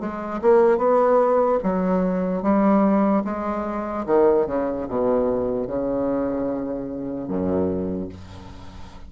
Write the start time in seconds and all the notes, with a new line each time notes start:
0.00 G#3
0.42 A#3
0.78 B3
1.63 F#3
2.43 G3
3.25 G#3
4.06 D#3
4.47 C#3
4.88 B2
5.68 C#3
7.28 F#2